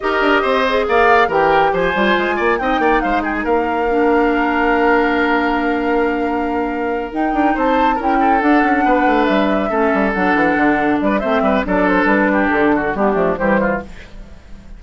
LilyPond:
<<
  \new Staff \with { instrumentName = "flute" } { \time 4/4 \tempo 4 = 139 dis''2 f''4 g''4 | gis''2 g''4 f''8 g''16 gis''16 | f''1~ | f''1~ |
f''8 g''4 a''4 g''4 fis''8~ | fis''4. e''2 fis''8~ | fis''4. d''8 e''4 d''8 c''8 | b'4 a'4 g'4 c''4 | }
  \new Staff \with { instrumentName = "oboe" } { \time 4/4 ais'4 c''4 d''4 ais'4 | c''4. d''8 dis''8 d''8 c''8 gis'8 | ais'1~ | ais'1~ |
ais'4. c''4 ais'8 a'4~ | a'8 b'2 a'4.~ | a'4. b'8 c''8 b'8 a'4~ | a'8 g'4 fis'8 d'4 g'8 f'8 | }
  \new Staff \with { instrumentName = "clarinet" } { \time 4/4 g'4. gis'4. g'4~ | g'8 f'4. dis'2~ | dis'4 d'2.~ | d'1~ |
d'8 dis'2 e'4 d'8~ | d'2~ d'8 cis'4 d'8~ | d'2 c'4 d'4~ | d'2 b8 a8 g4 | }
  \new Staff \with { instrumentName = "bassoon" } { \time 4/4 dis'8 d'8 c'4 ais4 e4 | f8 g8 gis8 ais8 c'8 ais8 gis4 | ais1~ | ais1~ |
ais8 dis'8 d'8 c'4 cis'4 d'8 | cis'8 b8 a8 g4 a8 g8 fis8 | e8 d4 g8 a8 g8 fis4 | g4 d4 g8 f8 e4 | }
>>